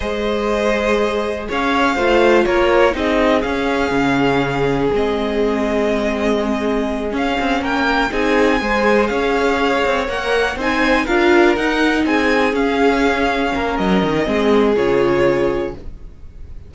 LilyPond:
<<
  \new Staff \with { instrumentName = "violin" } { \time 4/4 \tempo 4 = 122 dis''2. f''4~ | f''4 cis''4 dis''4 f''4~ | f''2 dis''2~ | dis''2~ dis''8 f''4 g''8~ |
g''8 gis''2 f''4.~ | f''8 fis''4 gis''4 f''4 fis''8~ | fis''8 gis''4 f''2~ f''8 | dis''2 cis''2 | }
  \new Staff \with { instrumentName = "violin" } { \time 4/4 c''2. cis''4 | c''4 ais'4 gis'2~ | gis'1~ | gis'2.~ gis'8 ais'8~ |
ais'8 gis'4 c''4 cis''4.~ | cis''4. c''4 ais'4.~ | ais'8 gis'2. ais'8~ | ais'4 gis'2. | }
  \new Staff \with { instrumentName = "viola" } { \time 4/4 gis'1 | f'2 dis'4 cis'4~ | cis'2 c'2~ | c'2~ c'8 cis'4.~ |
cis'8 dis'4 gis'2~ gis'8~ | gis'8 ais'4 dis'4 f'4 dis'8~ | dis'4. cis'2~ cis'8~ | cis'4 c'4 f'2 | }
  \new Staff \with { instrumentName = "cello" } { \time 4/4 gis2. cis'4 | a4 ais4 c'4 cis'4 | cis2 gis2~ | gis2~ gis8 cis'8 c'8 ais8~ |
ais8 c'4 gis4 cis'4. | c'8 ais4 c'4 d'4 dis'8~ | dis'8 c'4 cis'2 ais8 | fis8 dis8 gis4 cis2 | }
>>